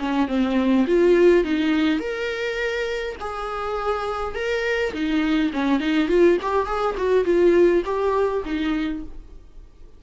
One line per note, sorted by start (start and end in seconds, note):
0.00 0.28 C#4
0.28 0.86 C4
0.88 1.45 F4
1.45 2.00 D#4
2.00 3.16 A#4
3.21 4.35 G#4
4.35 4.94 A#4
4.94 5.52 D#4
5.53 5.80 C#4
5.80 6.09 D#4
6.09 6.38 F4
6.42 6.66 G4
6.66 6.96 G#4
6.98 7.25 F#4
7.25 7.83 F4
7.85 8.44 G4
8.45 9.03 D#4